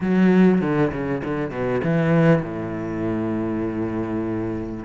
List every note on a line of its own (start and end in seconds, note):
0.01 0.61 F#3
0.61 0.91 D3
0.92 1.22 C#3
1.24 1.50 D3
1.50 1.81 B2
1.83 2.42 E3
2.42 4.84 A2